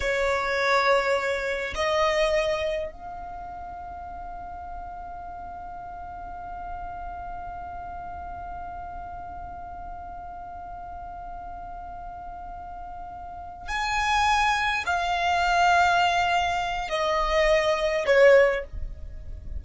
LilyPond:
\new Staff \with { instrumentName = "violin" } { \time 4/4 \tempo 4 = 103 cis''2. dis''4~ | dis''4 f''2.~ | f''1~ | f''1~ |
f''1~ | f''2.~ f''8 gis''8~ | gis''4. f''2~ f''8~ | f''4 dis''2 cis''4 | }